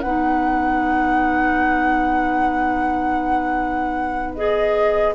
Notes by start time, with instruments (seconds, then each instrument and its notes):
0.00 bassoon B3, clarinet D#4, oboe B4, flute F#5
4.35 clarinet G#4, flute D#5